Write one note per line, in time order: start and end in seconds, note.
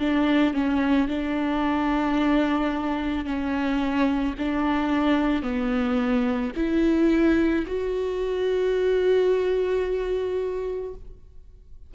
0.00 0.54 D4
0.54 1.08 C#4
1.08 3.25 D4
3.25 4.34 C#4
4.39 5.42 D4
5.42 6.52 B3
6.56 7.65 E4
7.67 10.94 F#4